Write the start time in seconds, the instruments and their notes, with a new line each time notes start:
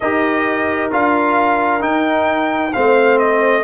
0.00 tuba D#4, trombone G4, horn A#4, trumpet D#5
0.91 tuba D4, trombone F4, trumpet F5
1.80 trombone D#4, tuba D#4, trumpet G5
2.73 tuba A3, trombone C4, horn C5, trumpet F5
3.18 trumpet D#5